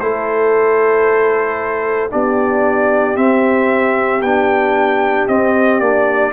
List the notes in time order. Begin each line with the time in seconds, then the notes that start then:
0.00 A3 E4 A4 C5
2.10 B3 D4 G4 D5
3.16 C4 E5
4.22 B3 D4 G5
5.28 C4 D#5
5.80 A#3 D4 D5